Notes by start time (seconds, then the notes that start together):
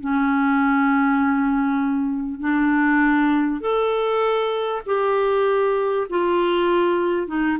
0.00 C#4
2.40 D4
3.61 A4
4.86 G4
6.09 F4
7.27 D#4